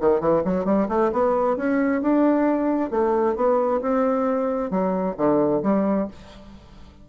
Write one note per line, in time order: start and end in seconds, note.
0.00 0.20 D#3
0.20 0.42 E3
0.44 0.65 F#3
0.65 0.87 G3
0.89 1.11 A3
1.12 1.56 B3
1.56 2.01 C#4
2.02 2.90 D4
2.90 3.35 A3
3.36 3.81 B3
3.81 4.70 C4
4.70 5.15 F#3
5.17 5.62 D3
5.62 6.07 G3